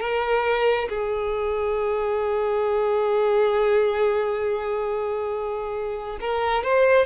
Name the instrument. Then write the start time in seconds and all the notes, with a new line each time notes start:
violin
0.00 A#4
0.89 G#4
6.20 A#4
6.64 C5